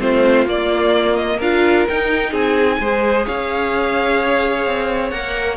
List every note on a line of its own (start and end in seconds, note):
0.00 0.47 A3
0.00 0.47 C4
0.00 1.37 F4
0.00 0.47 C5
0.47 1.40 A#3
0.47 1.16 D5
1.16 1.40 D#5
1.37 1.87 D4
1.37 1.88 F4
1.37 2.30 A#4
1.37 1.88 F5
1.88 2.82 D#4
1.88 2.33 D#4
1.88 2.34 G5
2.31 2.79 C4
2.31 2.78 G#4
2.31 3.27 G#5
2.80 3.27 G#3
2.80 5.13 G#4
2.80 3.27 C5
3.27 4.66 C#4
3.27 5.57 C#5
3.27 5.10 F5
4.66 5.12 C4
5.10 5.57 A#3
5.10 5.57 A#4
5.10 5.56 F#5